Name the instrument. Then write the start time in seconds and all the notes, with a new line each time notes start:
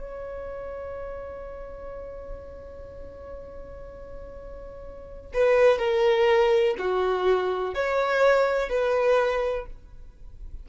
violin
0.00 C#5
5.34 B4
5.78 A#4
6.78 F#4
7.74 C#5
8.69 B4